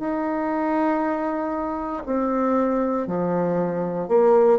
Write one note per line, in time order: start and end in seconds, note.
0.00 2.03 D#4
2.06 3.08 C4
3.08 4.09 F3
4.09 4.59 A#3